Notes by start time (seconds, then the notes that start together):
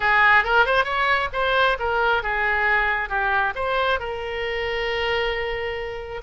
0.00 G#4
0.44 A#4
0.65 C5
0.84 C#5
1.33 C5
1.79 A#4
2.22 G#4
3.09 G4
3.55 C5
3.99 A#4